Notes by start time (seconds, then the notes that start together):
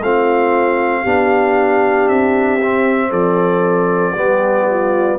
0.00 A3 C4 F4 F5
1.03 B3 D4 G4
2.08 C4 E5
2.62 C4
3.09 F3 A4 D5
4.16 G3 B3 G4
4.70 F4